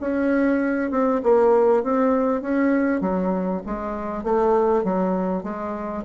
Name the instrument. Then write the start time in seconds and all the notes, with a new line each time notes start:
bassoon
0.00 C#4
0.90 C4
1.23 A#3
1.83 C4
2.41 C#4
3.01 F#3
3.66 G#3
4.23 A3
4.84 F#3
5.43 G#3